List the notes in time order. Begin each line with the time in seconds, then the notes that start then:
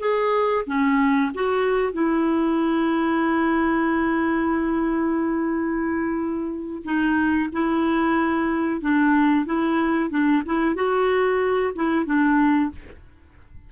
0.00 G#4
0.67 C#4
1.35 F#4
1.93 E4
6.85 D#4
7.53 E4
8.82 D4
9.46 E4
10.11 D4
10.46 E4
10.76 F#4
11.76 E4
12.06 D4